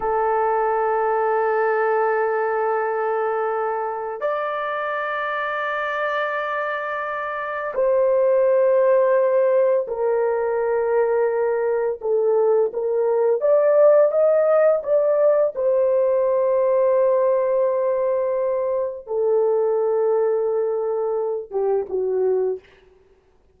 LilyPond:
\new Staff \with { instrumentName = "horn" } { \time 4/4 \tempo 4 = 85 a'1~ | a'2 d''2~ | d''2. c''4~ | c''2 ais'2~ |
ais'4 a'4 ais'4 d''4 | dis''4 d''4 c''2~ | c''2. a'4~ | a'2~ a'8 g'8 fis'4 | }